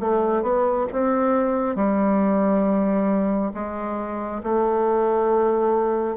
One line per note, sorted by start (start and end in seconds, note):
0.00 0.43 A3
0.43 0.87 B3
0.92 1.76 C4
1.76 3.52 G3
3.54 4.42 G#3
4.44 6.17 A3